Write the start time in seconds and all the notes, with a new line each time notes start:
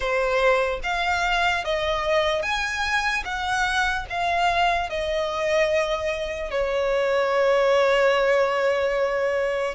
0.00 C5
0.83 F5
1.64 D#5
2.42 G#5
3.24 F#5
4.09 F5
4.89 D#5
6.50 C#5